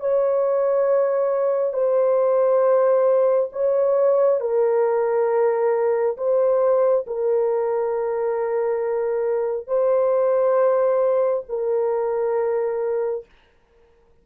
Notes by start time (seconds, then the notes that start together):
0.00 C#5
1.73 C5
3.53 C#5
4.40 A#4
6.17 C5
7.07 A#4
9.67 C5
11.49 A#4